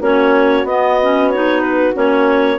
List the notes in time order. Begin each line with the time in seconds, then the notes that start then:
0.00 A#3 C#4 F#4 C#5
0.64 B3 D#5
1.01 C#4
1.30 D#4 C#5
1.61 B4
1.93 A#3 C#4 C#5